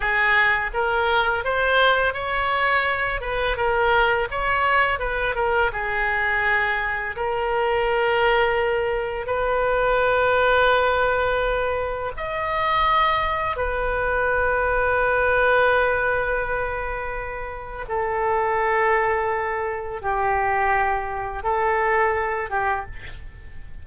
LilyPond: \new Staff \with { instrumentName = "oboe" } { \time 4/4 \tempo 4 = 84 gis'4 ais'4 c''4 cis''4~ | cis''8 b'8 ais'4 cis''4 b'8 ais'8 | gis'2 ais'2~ | ais'4 b'2.~ |
b'4 dis''2 b'4~ | b'1~ | b'4 a'2. | g'2 a'4. g'8 | }